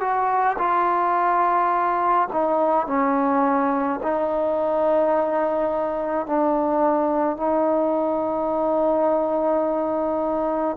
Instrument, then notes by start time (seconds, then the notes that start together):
trombone
0.00 F#4
0.58 F4
2.32 D#4
2.86 C#4
4.02 D#4
6.26 D4
7.36 D#4